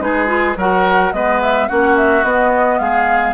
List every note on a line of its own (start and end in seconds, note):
0.00 0.56 G#3
0.00 0.27 D#4
0.00 0.57 G#4
0.00 0.56 B4
0.27 0.54 F4
0.56 1.12 F#3
0.56 1.13 F#4
0.56 1.13 A#4
0.56 1.13 F#5
1.13 1.68 G#3
1.13 1.69 B3
1.13 1.68 B4
1.13 1.41 D#5
1.42 1.68 E5
1.68 2.23 A#3
1.68 2.24 C#4
1.68 2.79 F#4
1.68 1.96 F#5
1.96 2.24 E5
2.23 2.79 B3
2.23 3.33 B3
2.23 2.79 D#5
2.79 3.33 G#3
2.79 3.33 G#4
2.79 3.33 F5